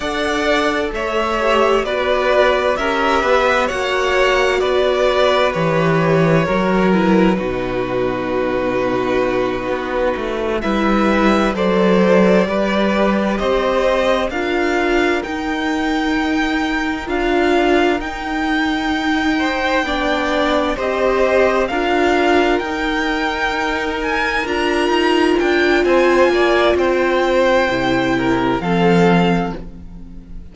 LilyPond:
<<
  \new Staff \with { instrumentName = "violin" } { \time 4/4 \tempo 4 = 65 fis''4 e''4 d''4 e''4 | fis''4 d''4 cis''4. b'8~ | b'2.~ b'8 e''8~ | e''8 d''2 dis''4 f''8~ |
f''8 g''2 f''4 g''8~ | g''2~ g''8 dis''4 f''8~ | f''8 g''4. gis''8 ais''4 g''8 | gis''4 g''2 f''4 | }
  \new Staff \with { instrumentName = "violin" } { \time 4/4 d''4 cis''4 b'4 ais'8 b'8 | cis''4 b'2 ais'4 | fis'2.~ fis'8 b'8~ | b'8 c''4 b'4 c''4 ais'8~ |
ais'1~ | ais'4 c''8 d''4 c''4 ais'8~ | ais'1 | c''8 d''8 c''4. ais'8 a'4 | }
  \new Staff \with { instrumentName = "viola" } { \time 4/4 a'4. g'8 fis'4 g'4 | fis'2 g'4 fis'8 e'8 | dis'2.~ dis'8 e'8~ | e'8 a'4 g'2 f'8~ |
f'8 dis'2 f'4 dis'8~ | dis'4. d'4 g'4 f'8~ | f'8 dis'2 f'4.~ | f'2 e'4 c'4 | }
  \new Staff \with { instrumentName = "cello" } { \time 4/4 d'4 a4 b4 cis'8 b8 | ais4 b4 e4 fis4 | b,2~ b,8 b8 a8 g8~ | g8 fis4 g4 c'4 d'8~ |
d'8 dis'2 d'4 dis'8~ | dis'4. b4 c'4 d'8~ | d'8 dis'2 d'8 dis'8 d'8 | c'8 ais8 c'4 c4 f4 | }
>>